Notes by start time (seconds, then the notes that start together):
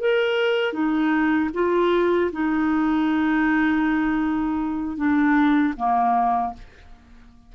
0.00 A#4
0.73 D#4
1.54 F4
2.32 D#4
4.97 D4
5.77 A#3